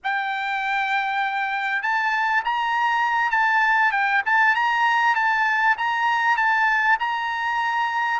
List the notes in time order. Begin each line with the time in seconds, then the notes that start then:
0.03 G5
1.82 A5
2.44 A#5
3.30 A5
3.91 G5
4.25 A5
4.55 A#5
5.15 A5
5.77 A#5
6.36 A5
6.99 A#5